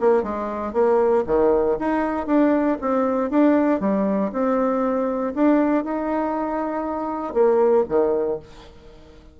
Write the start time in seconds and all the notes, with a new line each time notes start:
0.00 A#3
0.23 G#3
0.73 A#3
1.26 D#3
1.79 D#4
2.27 D4
2.81 C4
3.30 D4
3.80 G3
4.32 C4
5.34 D4
5.84 D#4
7.34 A#3
7.89 D#3